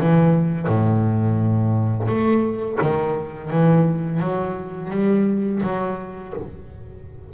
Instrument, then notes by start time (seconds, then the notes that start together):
double bass
0.00 E3
0.67 A2
2.08 A3
2.81 D#3
3.50 E3
4.20 F#3
4.91 G3
5.63 F#3